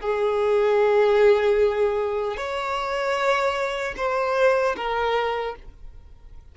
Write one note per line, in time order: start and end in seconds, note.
0.00 2.36 G#4
2.36 3.94 C#5
3.97 4.75 C5
4.76 5.55 A#4